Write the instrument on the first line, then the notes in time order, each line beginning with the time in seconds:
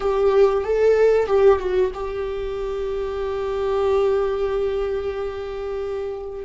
viola
0.00 G4
0.64 A4
1.26 G4
1.59 F#4
1.94 G4